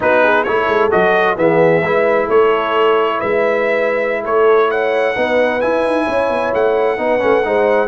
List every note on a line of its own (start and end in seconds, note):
0.00 0.47 B3
0.00 0.46 D#4
0.00 0.23 F#4
0.00 0.43 B4
0.23 0.46 G#4
0.43 0.68 A3
0.43 0.90 E4
0.43 1.38 A4
0.43 0.89 C#5
0.68 0.91 G#3
0.90 1.37 F#3
0.90 1.36 F#4
0.90 1.37 D#5
1.36 1.82 E3
1.36 1.82 B3
1.36 1.84 G#4
1.36 2.29 E5
1.82 2.28 G#3
1.82 5.15 E4
1.82 2.25 B4
2.25 3.21 A3
2.25 3.17 A4
2.25 3.20 C#5
3.19 4.24 G#3
3.19 4.22 B4
3.19 4.23 E5
4.23 5.15 A3
4.23 4.68 A4
4.23 4.70 C#5
4.70 5.15 C#5
4.70 5.60 F#5
5.15 5.62 B3
5.15 5.60 D#4
5.15 6.04 B4
5.60 6.97 E4
5.60 5.82 E4
5.60 6.52 G#5
5.82 6.05 D#4
6.04 6.29 C#4
6.04 6.95 C#5
6.29 6.52 B3
6.53 6.98 A3
6.53 7.87 F#5
6.97 7.21 B3
6.97 7.19 D#4
6.97 7.46 B4
7.19 7.45 A3
7.19 7.42 C#4
7.44 7.87 G#3
7.44 7.87 D#4
7.44 7.87 C5